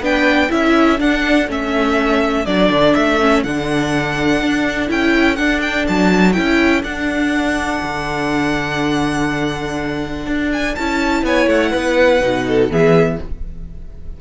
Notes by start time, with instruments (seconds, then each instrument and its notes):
0.00 cello B3, viola D4, violin B4 G5
0.50 cello C#4, viola E4, violin A4 E5
0.99 viola D4, cello D4, violin F#5
1.48 cello A3, viola C#4, violin E5
2.46 cello F#3, viola D4, violin D5
2.70 cello D3
2.94 cello A3, violin E5
3.20 viola C#4
3.43 cello D3, viola D4, violin F#5
4.42 cello D4
4.88 cello C#4, viola E4, violin G5
5.36 viola D4, cello D4, violin F#5
5.62 violin G5
5.88 cello F#3, violin A5
6.33 cello C#4, viola E4, violin G5
6.83 cello D4, viola D4, violin F#5
7.83 cello D3
10.27 cello D4
10.52 violin G#5
10.75 cello C#4, viola E4, violin A5
11.23 cello B3, violin C#5 G#5
11.47 cello A3, violin F#5
11.71 cello B3, violin B4
12.21 cello B2, viola D#4
12.48 violin A4
12.70 cello E3, viola B3, violin G#4 E5